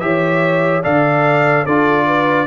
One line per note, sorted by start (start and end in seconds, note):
0.00 0.84 E3
0.00 0.83 G4
0.00 0.83 C#5
0.00 0.82 E5
0.83 1.66 D3
0.83 1.65 A4
0.83 1.64 D5
0.83 1.66 F5
1.64 2.47 D4
1.64 2.47 F4
1.64 2.05 A4
1.64 2.47 D5
2.06 2.47 B4